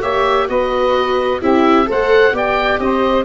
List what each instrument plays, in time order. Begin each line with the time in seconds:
0.00 tuba A#3, viola G4, saxophone C#5, oboe E5
0.48 tuba B3, viola F#4, saxophone B4, oboe D#5
1.40 tuba C4, viola E4, saxophone G4, oboe E5
1.85 tuba A3, viola A4, saxophone C5, oboe F#5
2.32 tuba B3, viola G4, saxophone D5, oboe G5
2.79 tuba C4, saxophone C5, oboe D#5